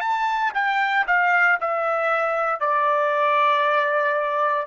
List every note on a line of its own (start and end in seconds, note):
0.00 0.52 A5
0.54 1.06 G5
1.07 1.58 F5
1.60 2.60 E5
2.60 4.66 D5